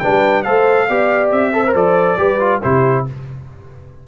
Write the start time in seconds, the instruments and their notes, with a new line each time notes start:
0.00 tuba G3, trombone D4, horn B4, trumpet G5
0.43 tuba A3, trombone A4, horn C5, trumpet F5
0.88 tuba B3, trombone G4, horn D5
1.31 tuba C4, trumpet E5
1.53 trombone A4, horn C5
1.67 trombone A#4
1.75 tuba F3, trombone A4, trumpet D5
2.18 tuba G3, trombone G4, horn B4
2.40 trombone F4
2.62 tuba C3, trombone E4, horn G4, trumpet C5